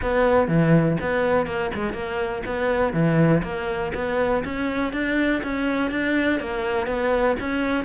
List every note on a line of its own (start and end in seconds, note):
0.02 0.47 B3
0.47 0.97 E3
1.00 1.46 B3
1.46 1.71 A#3
1.74 1.93 G#3
1.93 2.42 A#3
2.45 2.93 B3
2.93 3.42 E3
3.43 3.92 A#3
3.94 4.43 B3
4.44 4.92 C#4
4.92 5.41 D4
5.43 5.91 C#4
5.91 6.40 D4
6.40 6.86 A#3
6.86 7.35 B3
7.39 7.84 C#4